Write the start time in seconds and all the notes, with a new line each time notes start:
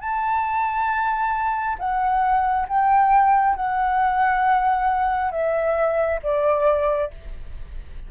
0.00 A5
1.78 F#5
2.68 G5
3.55 F#5
5.31 E5
6.22 D5